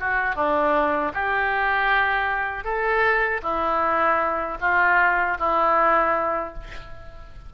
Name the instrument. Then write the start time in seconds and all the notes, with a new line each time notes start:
oboe
0.00 F#4
0.36 D4
1.14 G4
2.64 A4
3.43 E4
4.61 F4
5.38 E4